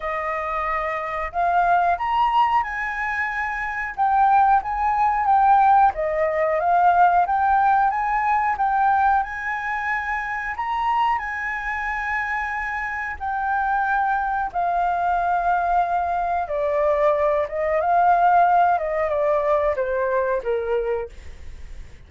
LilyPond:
\new Staff \with { instrumentName = "flute" } { \time 4/4 \tempo 4 = 91 dis''2 f''4 ais''4 | gis''2 g''4 gis''4 | g''4 dis''4 f''4 g''4 | gis''4 g''4 gis''2 |
ais''4 gis''2. | g''2 f''2~ | f''4 d''4. dis''8 f''4~ | f''8 dis''8 d''4 c''4 ais'4 | }